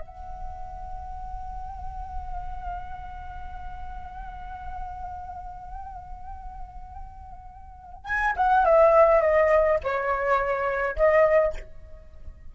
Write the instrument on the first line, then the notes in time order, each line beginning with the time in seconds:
flute
0.00 F#5
8.05 G#5
8.37 F#5
8.65 E5
9.21 D#5
9.83 C#5
10.96 D#5